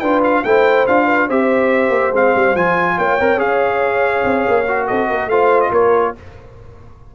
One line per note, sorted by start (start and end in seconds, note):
0.00 0.44 D4
0.00 0.45 F4
0.00 0.43 B4
0.00 0.21 G5
0.24 0.45 F5
0.45 0.87 A3
0.45 0.88 E4
0.45 1.06 C5
0.45 0.87 G5
0.87 1.30 D4
0.87 1.30 F4
0.87 1.30 F5
1.06 1.27 B4
1.28 1.90 C4
1.28 2.14 G4
1.28 2.97 C5
1.28 2.15 E5
1.90 2.11 A#3
2.12 2.33 G#3
2.12 2.57 C4
2.12 2.57 F5
2.36 2.55 G3
2.55 2.98 F3
2.55 3.21 F4
2.55 2.99 G#5
2.98 3.20 A#3
2.98 4.88 C#5
2.98 3.40 G5
3.21 3.38 C4
3.21 3.39 A#4
3.38 4.22 C#4
3.38 4.65 G#4
3.38 4.88 F5
4.24 4.46 C4
4.48 4.90 A#3
4.68 5.31 F#4
4.88 5.10 C4
4.88 5.09 A4
4.88 5.30 D#5
5.09 5.27 A#3
5.09 5.30 A#4
5.27 5.70 A3
5.27 6.16 F4
5.27 5.72 C5
5.27 5.61 F5
5.61 5.72 D#5
5.72 6.14 A#3
5.72 6.15 A#4
5.72 6.16 C#5